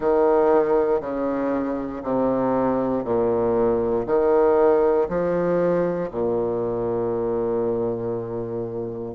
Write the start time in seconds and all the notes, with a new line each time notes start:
0.00 D#3
1.00 C#3
2.03 C3
3.04 A#2
4.06 D#3
5.08 F3
6.10 A#2